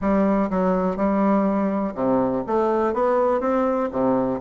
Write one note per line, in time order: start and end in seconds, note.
0.01 0.49 G3
0.49 0.96 F#3
0.96 1.94 G3
1.94 2.43 C3
2.47 2.93 A3
2.93 3.40 B3
3.40 3.89 C4
3.91 4.40 C3